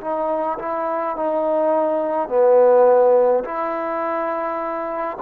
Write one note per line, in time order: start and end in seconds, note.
0.00 0.58 D#4
0.58 1.16 E4
1.16 2.28 D#4
2.28 3.44 B3
3.44 5.17 E4